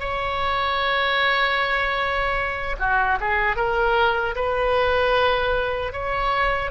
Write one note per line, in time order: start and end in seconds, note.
0.00 2.76 C#5
2.79 3.19 F#4
3.20 3.56 G#4
3.56 4.35 A#4
4.35 5.92 B4
5.92 6.71 C#5